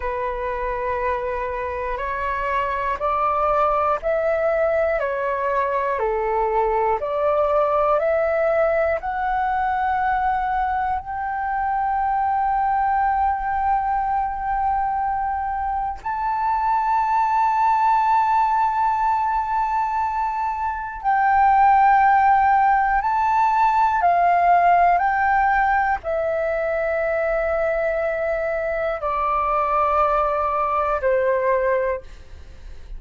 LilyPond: \new Staff \with { instrumentName = "flute" } { \time 4/4 \tempo 4 = 60 b'2 cis''4 d''4 | e''4 cis''4 a'4 d''4 | e''4 fis''2 g''4~ | g''1 |
a''1~ | a''4 g''2 a''4 | f''4 g''4 e''2~ | e''4 d''2 c''4 | }